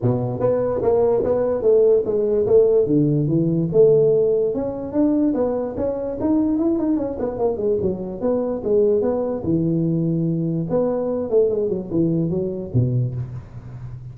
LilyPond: \new Staff \with { instrumentName = "tuba" } { \time 4/4 \tempo 4 = 146 b,4 b4 ais4 b4 | a4 gis4 a4 d4 | e4 a2 cis'4 | d'4 b4 cis'4 dis'4 |
e'8 dis'8 cis'8 b8 ais8 gis8 fis4 | b4 gis4 b4 e4~ | e2 b4. a8 | gis8 fis8 e4 fis4 b,4 | }